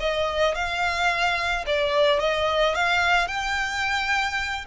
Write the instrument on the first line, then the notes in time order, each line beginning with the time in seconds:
violin
0.00 D#5
0.55 F5
1.67 D5
2.20 D#5
2.75 F5
3.28 G5